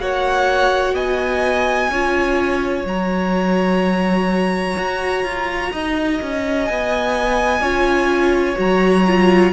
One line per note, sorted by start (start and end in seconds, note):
0.00 0.94 A#3
0.00 1.90 F#4
0.00 0.95 C#5
0.00 0.95 F#5
0.94 1.89 B3
0.94 1.90 D#5
0.94 2.86 G#5
1.89 2.84 C#4
1.89 2.87 F4
1.89 5.73 C#5
2.85 4.76 F#3
2.85 7.62 F#4
2.85 6.65 A#5
4.77 5.24 F#4
5.24 5.72 F4
5.73 6.21 D#4
5.73 7.62 D#5
6.22 6.70 C#4
6.65 7.60 B3
6.65 8.56 G#5
7.60 8.56 C#4
7.60 8.56 F4
7.60 9.53 C#5
8.56 9.53 F#3
8.56 9.04 F#4
8.56 9.53 A#5
9.07 9.53 F4